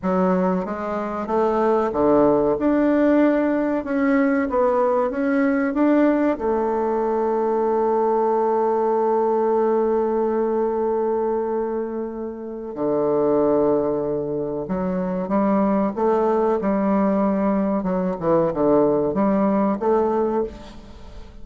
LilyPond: \new Staff \with { instrumentName = "bassoon" } { \time 4/4 \tempo 4 = 94 fis4 gis4 a4 d4 | d'2 cis'4 b4 | cis'4 d'4 a2~ | a1~ |
a1 | d2. fis4 | g4 a4 g2 | fis8 e8 d4 g4 a4 | }